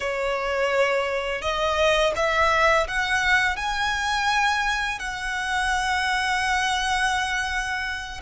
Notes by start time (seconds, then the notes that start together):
0.00 C#5
1.41 D#5
2.16 E5
2.87 F#5
3.56 G#5
4.99 F#5